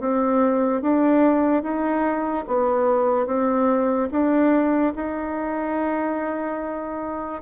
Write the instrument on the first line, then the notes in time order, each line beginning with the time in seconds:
bassoon
0.00 C4
0.82 D4
1.63 D#4
2.47 B3
3.27 C4
4.11 D4
4.96 D#4